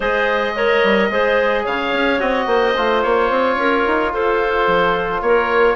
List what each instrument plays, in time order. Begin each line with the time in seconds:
0.00 bassoon G#3, trombone G#4, clarinet C5, oboe D#5
0.55 trombone A#4, clarinet C#5
0.83 bassoon G3
1.10 bassoon G#3, trombone G#4, clarinet C5
1.64 bassoon C#3, clarinet C#5, oboe F5
1.92 bassoon C#4
2.19 bassoon C4, trombone F#4, oboe D#5
2.45 bassoon A#3, clarinet C5
2.76 bassoon A3, trombone F4
3.02 bassoon A#3, oboe C#5
3.29 bassoon C4
3.56 bassoon C#4, clarinet A#4
3.87 bassoon D#4
4.12 bassoon F4, clarinet A4, oboe C5
4.67 bassoon F3
5.21 bassoon A#3, clarinet A#4, oboe C#5